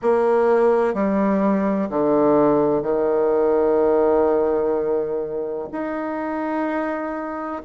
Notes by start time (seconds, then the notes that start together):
0.02 A#3
0.94 G3
1.89 D3
2.82 D#3
5.71 D#4